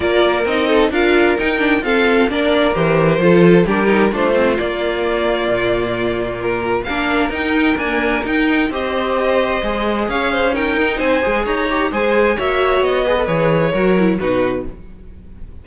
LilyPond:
<<
  \new Staff \with { instrumentName = "violin" } { \time 4/4 \tempo 4 = 131 d''4 dis''4 f''4 g''4 | f''4 d''4 c''2 | ais'4 c''4 d''2~ | d''2 ais'4 f''4 |
g''4 gis''4 g''4 dis''4~ | dis''2 f''4 g''4 | gis''4 ais''4 gis''4 e''4 | dis''4 cis''2 b'4 | }
  \new Staff \with { instrumentName = "violin" } { \time 4/4 ais'4. a'8 ais'2 | a'4 ais'2 a'4 | g'4 f'2.~ | f'2. ais'4~ |
ais'2. c''4~ | c''2 cis''8 c''8 ais'4 | c''4 cis''4 c''4 cis''4~ | cis''8 b'4. ais'4 fis'4 | }
  \new Staff \with { instrumentName = "viola" } { \time 4/4 f'4 dis'4 f'4 dis'8 d'8 | c'4 d'4 g'4 f'4 | d'8 dis'8 d'8 c'8 ais2~ | ais2. d'4 |
dis'4 ais4 dis'4 g'4~ | g'4 gis'2 dis'4~ | dis'8 gis'4 g'8 gis'4 fis'4~ | fis'8 gis'16 a'16 gis'4 fis'8 e'8 dis'4 | }
  \new Staff \with { instrumentName = "cello" } { \time 4/4 ais4 c'4 d'4 dis'4 | f'4 ais4 e4 f4 | g4 a4 ais2 | ais,2. ais4 |
dis'4 d'4 dis'4 c'4~ | c'4 gis4 cis'4. dis'8 | c'8 gis8 dis'4 gis4 ais4 | b4 e4 fis4 b,4 | }
>>